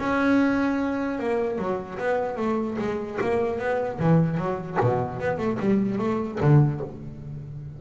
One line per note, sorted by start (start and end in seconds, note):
0.00 1.20 C#4
1.20 1.59 A#3
1.59 1.99 F#3
1.99 2.37 B3
2.37 2.77 A3
2.79 3.19 G#3
3.21 3.59 A#3
3.59 3.99 B3
4.00 4.38 E3
4.38 4.78 F#3
4.81 5.20 B2
5.20 5.38 B3
5.38 5.58 A3
5.60 5.99 G3
5.99 6.39 A3
6.41 6.81 D3